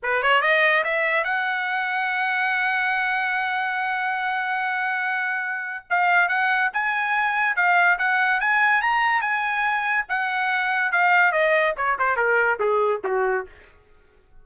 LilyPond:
\new Staff \with { instrumentName = "trumpet" } { \time 4/4 \tempo 4 = 143 b'8 cis''8 dis''4 e''4 fis''4~ | fis''1~ | fis''1~ | fis''2 f''4 fis''4 |
gis''2 f''4 fis''4 | gis''4 ais''4 gis''2 | fis''2 f''4 dis''4 | cis''8 c''8 ais'4 gis'4 fis'4 | }